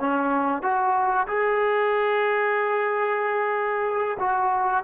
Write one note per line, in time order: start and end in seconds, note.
0.00 0.63 C#4
0.63 1.27 F#4
1.28 4.18 G#4
4.20 4.84 F#4